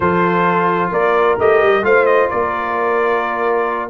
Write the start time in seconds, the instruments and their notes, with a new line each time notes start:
0.00 tuba F3, trombone F4, horn A4, trumpet C5
0.91 tuba A#3, horn A#4, trumpet D5
1.38 tuba A3, trombone G4, trumpet D#5
1.62 tuba G3
1.82 tuba A3, trombone F4, horn C5, trumpet F5
2.05 trumpet D#5
2.30 tuba A#3, horn A#4, trumpet D5